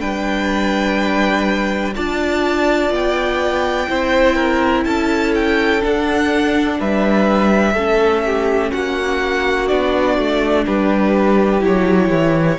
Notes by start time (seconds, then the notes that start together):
0.00 G3 D4 B4 G5
1.95 D4 F4 D5 A5
2.91 B3 G5
3.88 C4 E4 C5
4.35 A#4
4.84 C#4 A4 A5
5.34 G5
5.81 D4 F#5
6.80 G3 B4 E5
7.74 A3 C#4 A4
8.26 G4
8.71 A#3 F#4 F#5
9.68 B3 D4 D5
10.18 A3
10.65 G3 G4 B4
11.60 F#3 E4 C#5
12.09 E3